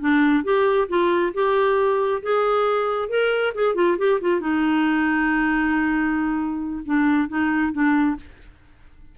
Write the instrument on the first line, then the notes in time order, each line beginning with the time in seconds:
clarinet
0.00 D4
0.44 G4
0.88 F4
1.34 G4
2.23 G#4
3.09 A#4
3.54 G#4
3.75 F4
3.98 G4
4.21 F4
4.40 D#4
6.85 D4
7.28 D#4
7.72 D4